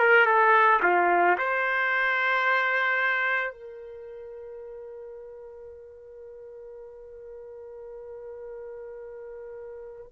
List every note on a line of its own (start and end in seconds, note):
0.00 0.26 A#4
0.26 0.81 A4
0.83 1.37 F4
1.38 3.52 C5
3.52 10.07 A#4